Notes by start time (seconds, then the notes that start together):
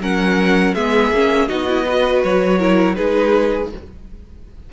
0.00 F#3 C#4 A#4 F#5
0.75 G#3 B3 G#4 E5
1.12 A#3 C#4
1.49 B3 D#4 F#4 D#5
1.69 E4
1.86 F#4 B4
2.24 F#3 C#5
2.59 E4 A#4
2.96 G#3 D#4 G#4 B4